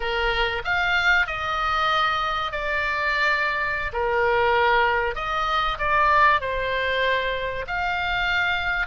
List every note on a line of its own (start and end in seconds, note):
0.00 0.62 A#4
0.64 1.26 F5
1.26 2.51 D#5
2.51 3.92 D5
3.93 5.15 A#4
5.15 5.78 D#5
5.78 6.40 D5
6.40 7.65 C5
7.67 8.87 F5